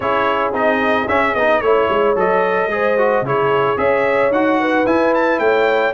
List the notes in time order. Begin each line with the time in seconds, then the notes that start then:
0.00 C#4 E4 G#4 C#5
0.53 C4 D#4 D#5
1.08 C#4 E5
1.34 B3 D#4 D#5
1.61 A3 E4 C#5
1.89 G#3
2.15 F#3 A4 D#5
2.67 G#3 G#4 C5
2.98 F#4
3.21 C#3 E4 G#4 C#5
3.76 C#4 G#4 C#5 E5
4.30 D#4 F#4 F#5
4.59 B4
4.85 E4 G#5
5.14 A5
5.39 A3 C#5 G5